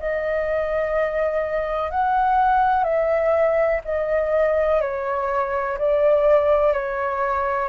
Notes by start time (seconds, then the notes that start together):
0.00 D#5
1.91 F#5
2.84 E5
3.85 D#5
4.82 C#5
5.78 D5
6.73 C#5